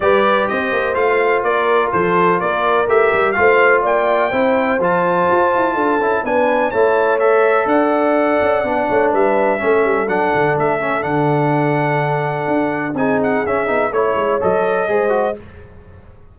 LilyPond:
<<
  \new Staff \with { instrumentName = "trumpet" } { \time 4/4 \tempo 4 = 125 d''4 dis''4 f''4 d''4 | c''4 d''4 e''4 f''4 | g''2 a''2~ | a''4 gis''4 a''4 e''4 |
fis''2. e''4~ | e''4 fis''4 e''4 fis''4~ | fis''2. gis''8 fis''8 | e''4 cis''4 dis''2 | }
  \new Staff \with { instrumentName = "horn" } { \time 4/4 b'4 c''2 ais'4 | a'4 ais'2 c''4 | d''4 c''2. | a'4 b'4 cis''2 |
d''2~ d''8 cis''8 b'4 | a'1~ | a'2. gis'4~ | gis'4 cis''2 c''4 | }
  \new Staff \with { instrumentName = "trombone" } { \time 4/4 g'2 f'2~ | f'2 g'4 f'4~ | f'4 e'4 f'2~ | f'8 e'8 d'4 e'4 a'4~ |
a'2 d'2 | cis'4 d'4. cis'8 d'4~ | d'2. dis'4 | cis'8 dis'8 e'4 a'4 gis'8 fis'8 | }
  \new Staff \with { instrumentName = "tuba" } { \time 4/4 g4 c'8 ais8 a4 ais4 | f4 ais4 a8 g8 a4 | ais4 c'4 f4 f'8 e'8 | d'8 cis'8 b4 a2 |
d'4. cis'8 b8 a8 g4 | a8 g8 fis8 d8 a4 d4~ | d2 d'4 c'4 | cis'8 b8 a8 gis8 fis4 gis4 | }
>>